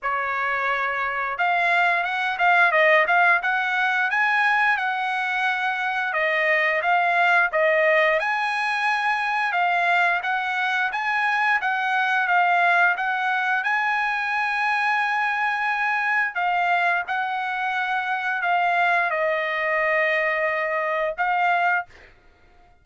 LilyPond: \new Staff \with { instrumentName = "trumpet" } { \time 4/4 \tempo 4 = 88 cis''2 f''4 fis''8 f''8 | dis''8 f''8 fis''4 gis''4 fis''4~ | fis''4 dis''4 f''4 dis''4 | gis''2 f''4 fis''4 |
gis''4 fis''4 f''4 fis''4 | gis''1 | f''4 fis''2 f''4 | dis''2. f''4 | }